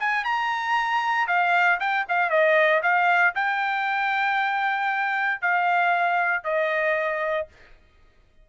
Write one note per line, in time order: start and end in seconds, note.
0.00 0.24 G#5
0.24 1.28 A#5
1.28 1.79 F5
1.80 2.06 G5
2.09 2.30 F5
2.30 2.82 D#5
2.83 3.34 F5
3.35 5.42 G5
5.42 6.44 F5
6.44 7.48 D#5